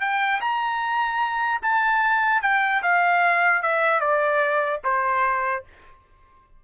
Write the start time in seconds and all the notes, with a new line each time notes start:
0.00 G5
0.41 A#5
1.62 A5
2.41 G5
2.82 F5
3.62 E5
4.00 D5
4.83 C5